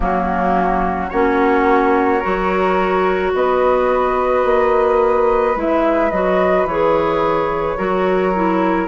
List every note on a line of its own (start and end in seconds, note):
0.00 1.10 F#3
0.00 1.09 A#3
0.00 1.11 C#4
0.00 1.09 F#4
1.09 2.23 A#3
1.09 2.21 C#4
1.09 2.20 F#4
1.09 3.31 C#5
2.20 3.33 F#3
2.20 5.54 F#4
2.20 3.31 A#4
3.33 4.44 B3
3.33 7.77 B4
3.33 5.57 D#5
4.44 5.55 A#3
5.55 6.11 G#3
5.55 6.11 E4
5.55 6.10 E5
6.10 6.64 F#3
6.10 6.68 F#4
6.10 6.66 D#5
6.64 7.75 E3
6.64 7.77 G#4
6.64 8.87 C#5
7.77 8.87 F#3
7.77 8.33 F#4
7.77 8.87 A#4
8.34 8.87 E4